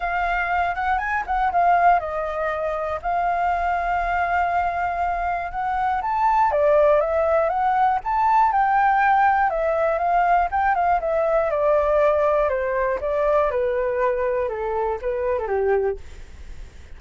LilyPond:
\new Staff \with { instrumentName = "flute" } { \time 4/4 \tempo 4 = 120 f''4. fis''8 gis''8 fis''8 f''4 | dis''2 f''2~ | f''2. fis''4 | a''4 d''4 e''4 fis''4 |
a''4 g''2 e''4 | f''4 g''8 f''8 e''4 d''4~ | d''4 c''4 d''4 b'4~ | b'4 a'4 b'8. a'16 g'4 | }